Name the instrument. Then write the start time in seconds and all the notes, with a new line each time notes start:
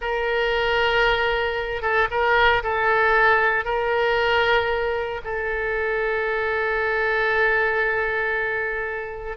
oboe
0.01 A#4
1.81 A4
2.10 A#4
2.63 A4
3.65 A#4
5.24 A4